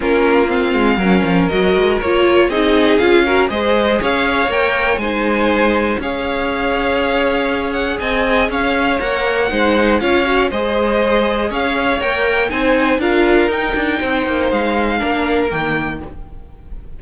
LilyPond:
<<
  \new Staff \with { instrumentName = "violin" } { \time 4/4 \tempo 4 = 120 ais'4 f''2 dis''4 | cis''4 dis''4 f''4 dis''4 | f''4 g''4 gis''2 | f''2.~ f''8 fis''8 |
gis''4 f''4 fis''2 | f''4 dis''2 f''4 | g''4 gis''4 f''4 g''4~ | g''4 f''2 g''4 | }
  \new Staff \with { instrumentName = "violin" } { \time 4/4 f'2 ais'2~ | ais'4 gis'4. ais'8 c''4 | cis''2 c''2 | cis''1 |
dis''4 cis''2 c''4 | cis''4 c''2 cis''4~ | cis''4 c''4 ais'2 | c''2 ais'2 | }
  \new Staff \with { instrumentName = "viola" } { \time 4/4 cis'4 c'4 cis'4 fis'4 | f'4 dis'4 f'8 fis'8 gis'4~ | gis'4 ais'4 dis'2 | gis'1~ |
gis'2 ais'4 dis'4 | f'8 fis'8 gis'2. | ais'4 dis'4 f'4 dis'4~ | dis'2 d'4 ais4 | }
  \new Staff \with { instrumentName = "cello" } { \time 4/4 ais4. gis8 fis8 f8 fis8 gis8 | ais4 c'4 cis'4 gis4 | cis'4 ais4 gis2 | cis'1 |
c'4 cis'4 ais4 gis4 | cis'4 gis2 cis'4 | ais4 c'4 d'4 dis'8 d'8 | c'8 ais8 gis4 ais4 dis4 | }
>>